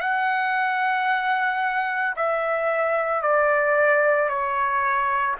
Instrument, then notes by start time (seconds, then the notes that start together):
trumpet
0.00 F#5
2.16 E5
3.22 D5
4.29 C#5